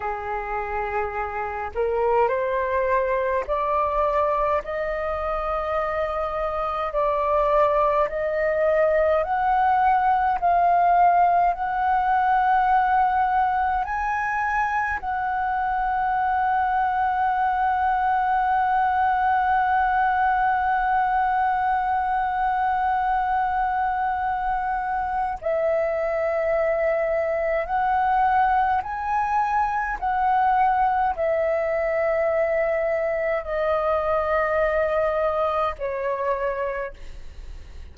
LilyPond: \new Staff \with { instrumentName = "flute" } { \time 4/4 \tempo 4 = 52 gis'4. ais'8 c''4 d''4 | dis''2 d''4 dis''4 | fis''4 f''4 fis''2 | gis''4 fis''2.~ |
fis''1~ | fis''2 e''2 | fis''4 gis''4 fis''4 e''4~ | e''4 dis''2 cis''4 | }